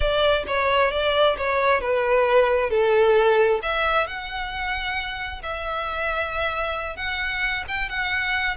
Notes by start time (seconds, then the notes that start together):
0.00 D5
0.47 C#5
0.91 D5
1.37 C#5
1.80 B4
2.70 A4
3.62 E5
4.06 F#5
5.42 E5
6.96 F#5
7.68 G5
7.89 F#5